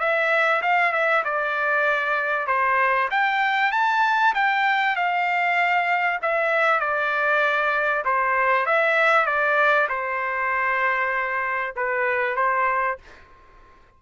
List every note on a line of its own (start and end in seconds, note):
0.00 0.62 E5
0.62 0.93 F5
0.93 1.23 E5
1.25 2.47 D5
2.47 3.09 C5
3.11 3.72 G5
3.72 4.34 A5
4.35 4.96 G5
4.96 6.20 F5
6.22 6.80 E5
6.80 8.04 D5
8.05 8.66 C5
8.66 9.26 E5
9.26 9.88 D5
9.89 11.75 C5
11.76 12.36 B4
12.36 12.98 C5